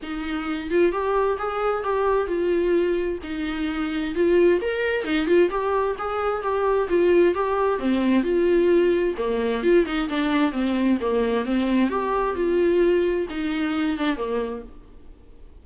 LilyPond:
\new Staff \with { instrumentName = "viola" } { \time 4/4 \tempo 4 = 131 dis'4. f'8 g'4 gis'4 | g'4 f'2 dis'4~ | dis'4 f'4 ais'4 dis'8 f'8 | g'4 gis'4 g'4 f'4 |
g'4 c'4 f'2 | ais4 f'8 dis'8 d'4 c'4 | ais4 c'4 g'4 f'4~ | f'4 dis'4. d'8 ais4 | }